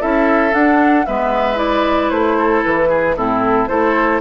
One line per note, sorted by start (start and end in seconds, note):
0.00 0.53 C#4
0.00 0.51 E4
0.00 1.06 A4
0.00 0.54 E5
0.51 1.04 D4
0.51 1.06 D4
0.51 1.05 F#5
1.05 2.10 G#3
1.05 1.55 B3
1.05 2.38 B4
1.05 1.58 E5
1.55 3.13 E4
1.55 2.10 D5
2.10 2.63 A3
2.10 2.62 C5
2.38 2.89 A4
2.63 3.17 E3
2.63 3.16 B4
2.89 3.15 G#4
3.16 3.69 A2
3.16 3.69 C4
3.16 3.69 E4
3.16 3.67 A4
3.67 4.20 A3
3.67 4.20 E4
3.67 4.20 A4
3.67 4.20 C5